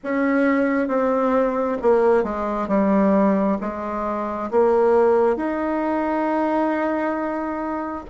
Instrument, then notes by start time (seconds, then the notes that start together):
bassoon
0.03 C#4
0.88 C4
1.82 A#3
2.23 G#3
2.68 G3
3.60 G#3
4.50 A#3
5.36 D#4